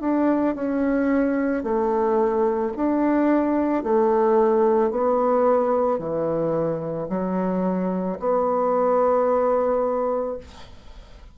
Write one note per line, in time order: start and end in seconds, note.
0.00 0.55 D4
0.55 1.63 C#4
1.63 2.72 A3
2.76 3.83 D4
3.83 4.90 A3
4.90 5.98 B3
5.98 7.07 E3
7.09 8.18 F#3
8.19 10.37 B3